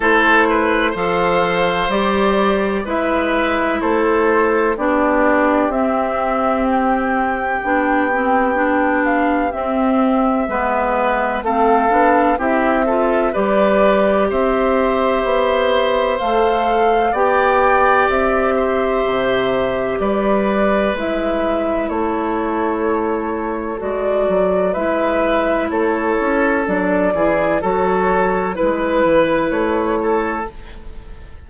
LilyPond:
<<
  \new Staff \with { instrumentName = "flute" } { \time 4/4 \tempo 4 = 63 c''4 f''4 d''4 e''4 | c''4 d''4 e''4 g''4~ | g''4. f''8 e''2 | f''4 e''4 d''4 e''4~ |
e''4 f''4 g''4 e''4~ | e''4 d''4 e''4 cis''4~ | cis''4 d''4 e''4 cis''4 | d''4 cis''4 b'4 cis''4 | }
  \new Staff \with { instrumentName = "oboe" } { \time 4/4 a'8 b'8 c''2 b'4 | a'4 g'2.~ | g'2. b'4 | a'4 g'8 a'8 b'4 c''4~ |
c''2 d''4. c''8~ | c''4 b'2 a'4~ | a'2 b'4 a'4~ | a'8 gis'8 a'4 b'4. a'8 | }
  \new Staff \with { instrumentName = "clarinet" } { \time 4/4 e'4 a'4 g'4 e'4~ | e'4 d'4 c'2 | d'8 c'8 d'4 c'4 b4 | c'8 d'8 e'8 f'8 g'2~ |
g'4 a'4 g'2~ | g'2 e'2~ | e'4 fis'4 e'2 | d'8 e'8 fis'4 e'2 | }
  \new Staff \with { instrumentName = "bassoon" } { \time 4/4 a4 f4 g4 gis4 | a4 b4 c'2 | b2 c'4 gis4 | a8 b8 c'4 g4 c'4 |
b4 a4 b4 c'4 | c4 g4 gis4 a4~ | a4 gis8 fis8 gis4 a8 cis'8 | fis8 e8 fis4 gis8 e8 a4 | }
>>